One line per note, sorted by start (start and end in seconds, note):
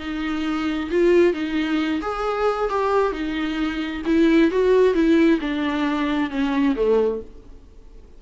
0.00 0.90 D#4
0.91 1.34 F4
1.34 2.01 D#4
2.02 2.70 G#4
2.70 3.13 G4
3.13 4.03 D#4
4.06 4.51 E4
4.52 4.95 F#4
4.95 5.40 E4
5.41 6.30 D4
6.30 6.75 C#4
6.76 7.21 A3